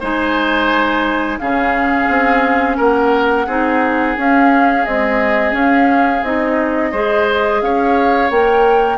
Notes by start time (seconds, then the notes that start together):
0.00 G#3 D#4 C5 G#5
1.39 C#3 C#4 G#4 F5
2.08 C4
2.77 A#3 A#4 F#5
3.46 C4 D#4 G#4
4.17 C#4 F5
4.85 G#3 C4 D#5
5.50 C#4 F5
6.23 C4 D#4 D#5
6.92 G#3 G#4 C5
7.61 C#4 C#5 F5
8.30 A#3 A#4 G5